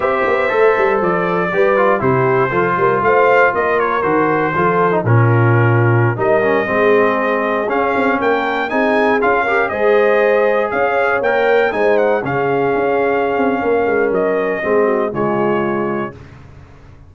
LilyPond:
<<
  \new Staff \with { instrumentName = "trumpet" } { \time 4/4 \tempo 4 = 119 e''2 d''2 | c''2 f''4 dis''8 cis''8 | c''2 ais'2~ | ais'16 dis''2. f''8.~ |
f''16 g''4 gis''4 f''4 dis''8.~ | dis''4~ dis''16 f''4 g''4 gis''8 fis''16~ | fis''16 f''2.~ f''8. | dis''2 cis''2 | }
  \new Staff \with { instrumentName = "horn" } { \time 4/4 c''2. b'4 | g'4 a'8 ais'8 c''4 ais'4~ | ais'4 a'4 f'2~ | f'16 ais'4 gis'2~ gis'8.~ |
gis'16 ais'4 gis'4. ais'8 c''8.~ | c''4~ c''16 cis''2 c''8.~ | c''16 gis'2~ gis'8. ais'4~ | ais'4 gis'8 fis'8 f'2 | }
  \new Staff \with { instrumentName = "trombone" } { \time 4/4 g'4 a'2 g'8 f'8 | e'4 f'2. | fis'4 f'8. dis'16 cis'2~ | cis'16 dis'8 cis'8 c'2 cis'8.~ |
cis'4~ cis'16 dis'4 f'8 g'8 gis'8.~ | gis'2~ gis'16 ais'4 dis'8.~ | dis'16 cis'2.~ cis'8.~ | cis'4 c'4 gis2 | }
  \new Staff \with { instrumentName = "tuba" } { \time 4/4 c'8 b8 a8 g8 f4 g4 | c4 f8 g8 a4 ais4 | dis4 f4 ais,2~ | ais,16 g4 gis2 cis'8 c'16~ |
c'16 ais4 c'4 cis'4 gis8.~ | gis4~ gis16 cis'4 ais4 gis8.~ | gis16 cis4 cis'4~ cis'16 c'8 ais8 gis8 | fis4 gis4 cis2 | }
>>